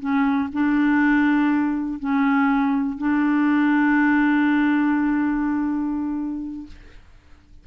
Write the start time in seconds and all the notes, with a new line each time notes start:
0.00 C#4
0.53 D4
1.99 C#4
2.98 D4